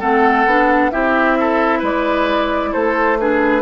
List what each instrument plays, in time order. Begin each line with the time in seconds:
0.00 bassoon A3, clarinet C4, oboe A4, flute F#5
0.46 bassoon B3, clarinet D4
0.91 bassoon C4, clarinet E4, oboe G4, flute E5
1.39 oboe A4
1.79 bassoon G#3, oboe B4, flute D5
2.72 bassoon A3, oboe A4, flute C5
3.19 clarinet D4, oboe G#4, flute B4